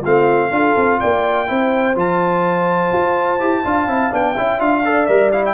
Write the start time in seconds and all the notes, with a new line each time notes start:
0.00 A3 C4 F4 F5
0.50 D4 F4 A4
0.76 C4
1.00 A#3 D5 G5
1.47 C4 E4 C5
1.95 F3 F4 A5
2.92 F4
3.39 E4 G4
3.64 D4 F4 F5
3.86 C4 E4
4.11 B3 D4 G5
4.34 C#4 E4 E5
4.59 D4 F4 F5
4.84 A4 D5
5.06 G3 A#4 E5
5.32 E4 F5
5.45 G5